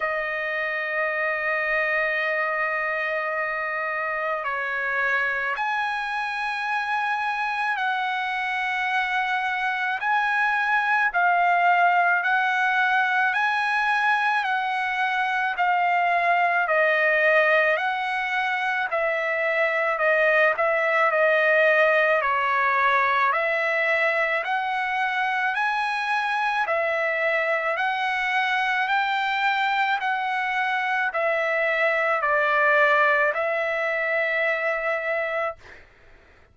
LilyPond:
\new Staff \with { instrumentName = "trumpet" } { \time 4/4 \tempo 4 = 54 dis''1 | cis''4 gis''2 fis''4~ | fis''4 gis''4 f''4 fis''4 | gis''4 fis''4 f''4 dis''4 |
fis''4 e''4 dis''8 e''8 dis''4 | cis''4 e''4 fis''4 gis''4 | e''4 fis''4 g''4 fis''4 | e''4 d''4 e''2 | }